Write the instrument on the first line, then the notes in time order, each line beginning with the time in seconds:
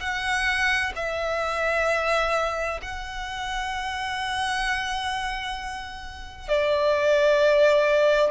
violin
0.00 F#5
0.96 E5
2.82 F#5
6.48 D5